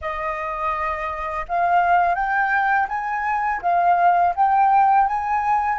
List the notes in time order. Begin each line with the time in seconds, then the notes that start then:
0.01 D#5
1.48 F5
2.15 G5
2.88 G#5
3.61 F5
4.35 G5
5.07 G#5